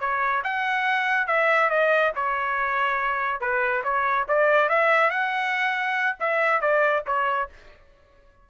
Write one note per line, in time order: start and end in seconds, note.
0.00 0.43 C#5
0.44 1.27 F#5
1.27 1.70 E5
1.70 2.13 D#5
2.15 3.41 C#5
3.41 3.83 B4
3.84 4.26 C#5
4.28 4.69 D5
4.69 5.10 E5
5.10 6.17 F#5
6.20 6.61 E5
6.61 7.04 D5
7.07 7.50 C#5